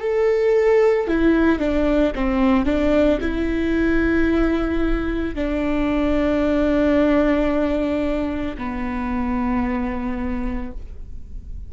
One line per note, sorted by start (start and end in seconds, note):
0.00 1.07 A4
1.07 1.59 E4
1.59 2.12 D4
2.15 2.65 C4
2.65 3.19 D4
3.20 5.35 E4
5.35 8.57 D4
8.58 10.72 B3